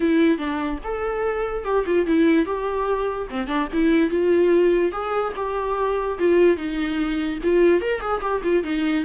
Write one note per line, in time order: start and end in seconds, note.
0.00 0.38 E4
0.38 0.79 D4
0.84 1.64 A4
1.64 1.85 G4
1.85 2.06 F4
2.06 2.45 E4
2.45 3.28 G4
3.30 3.47 C4
3.47 3.67 D4
3.72 4.10 E4
4.10 4.91 F4
4.91 5.33 G#4
5.36 6.18 G4
6.18 6.56 F4
6.56 7.38 D#4
7.43 7.81 F4
7.81 8.00 A#4
8.00 8.21 G#4
8.21 8.41 G4
8.43 8.63 F4
8.63 9.04 D#4